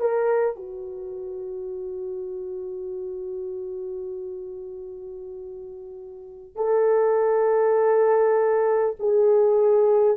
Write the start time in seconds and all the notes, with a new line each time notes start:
0.00 A#4
0.56 F#4
6.56 A4
8.99 G#4